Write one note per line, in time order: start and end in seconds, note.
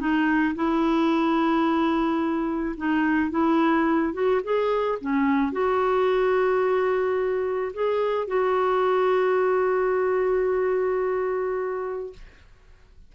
0.00 0.55 D#4
0.56 2.76 E4
2.77 3.31 D#4
3.31 4.14 E4
4.14 4.41 F#4
4.44 4.99 G#4
5.01 5.53 C#4
5.53 7.73 F#4
7.74 8.28 G#4
8.28 12.13 F#4